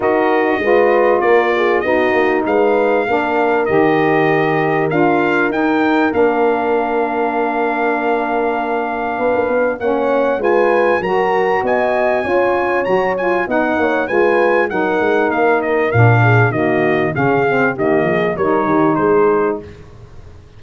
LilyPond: <<
  \new Staff \with { instrumentName = "trumpet" } { \time 4/4 \tempo 4 = 98 dis''2 d''4 dis''4 | f''2 dis''2 | f''4 g''4 f''2~ | f''1 |
fis''4 gis''4 ais''4 gis''4~ | gis''4 ais''8 gis''8 fis''4 gis''4 | fis''4 f''8 dis''8 f''4 dis''4 | f''4 dis''4 cis''4 c''4 | }
  \new Staff \with { instrumentName = "horn" } { \time 4/4 ais'4 b'4 ais'8 gis'8 fis'4 | b'4 ais'2.~ | ais'1~ | ais'2. b'4 |
cis''4 b'4 ais'4 dis''4 | cis''2 dis''8 cis''8 b'4 | ais'2~ ais'8 gis'8 fis'4 | gis'4 g'8 gis'8 ais'8 g'8 gis'4 | }
  \new Staff \with { instrumentName = "saxophone" } { \time 4/4 fis'4 f'2 dis'4~ | dis'4 d'4 g'2 | f'4 dis'4 d'2~ | d'1 |
cis'4 f'4 fis'2 | f'4 fis'8 f'8 dis'4 f'4 | dis'2 d'4 ais4 | cis'8 c'8 ais4 dis'2 | }
  \new Staff \with { instrumentName = "tuba" } { \time 4/4 dis'4 gis4 ais4 b8 ais8 | gis4 ais4 dis2 | d'4 dis'4 ais2~ | ais2. b16 ais16 b8 |
ais4 gis4 fis4 b4 | cis'4 fis4 b8 ais8 gis4 | fis8 gis8 ais4 ais,4 dis4 | cis4 dis8 f8 g8 dis8 gis4 | }
>>